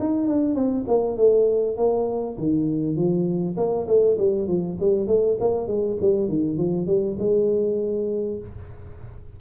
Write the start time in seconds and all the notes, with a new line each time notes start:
0.00 D#4
0.28 D4
0.55 C4
0.88 A#3
1.17 A3
1.77 A#3
2.38 D#3
2.96 F3
3.57 A#3
3.87 A3
4.18 G3
4.48 F3
4.80 G3
5.08 A3
5.40 A#3
5.68 G#3
6.01 G3
6.29 D#3
6.58 F3
6.87 G3
7.19 G#3